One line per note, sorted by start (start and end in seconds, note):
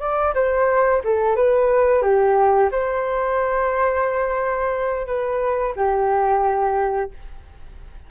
0.00 0.34 D5
0.35 1.02 C5
1.04 1.36 A4
1.36 2.02 B4
2.02 2.70 G4
2.72 5.07 C5
5.07 5.74 B4
5.76 7.11 G4